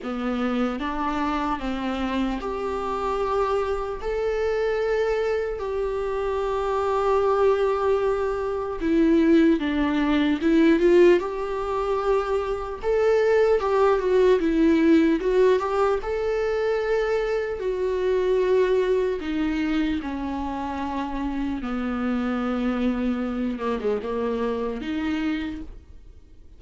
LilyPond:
\new Staff \with { instrumentName = "viola" } { \time 4/4 \tempo 4 = 75 b4 d'4 c'4 g'4~ | g'4 a'2 g'4~ | g'2. e'4 | d'4 e'8 f'8 g'2 |
a'4 g'8 fis'8 e'4 fis'8 g'8 | a'2 fis'2 | dis'4 cis'2 b4~ | b4. ais16 gis16 ais4 dis'4 | }